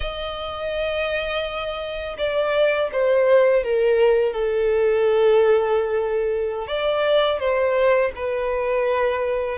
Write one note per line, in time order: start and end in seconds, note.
0.00 2.16 D#5
2.18 2.90 D5
2.92 3.63 C5
3.63 4.32 A#4
4.32 6.67 A4
6.67 7.39 D5
7.39 8.11 C5
8.15 9.58 B4